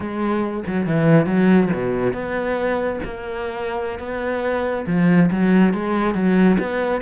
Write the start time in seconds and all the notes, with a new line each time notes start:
0.00 G#3
0.66 F#3
0.86 E3
1.26 F#3
1.73 B2
2.13 B3
3.04 A#3
3.99 B3
4.87 F3
5.31 F#3
5.73 G#3
6.14 F#3
6.59 B3